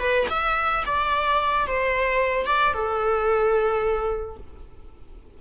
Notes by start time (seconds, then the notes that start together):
0.00 B4
0.30 E5
0.86 D5
1.67 C5
2.47 D5
2.74 A4